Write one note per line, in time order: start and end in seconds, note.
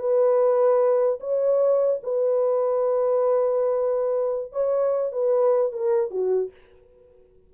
0.00 1.20 B4
1.21 2.01 C#5
2.03 4.53 B4
4.53 5.13 C#5
5.13 5.73 B4
5.73 6.11 A#4
6.11 6.51 F#4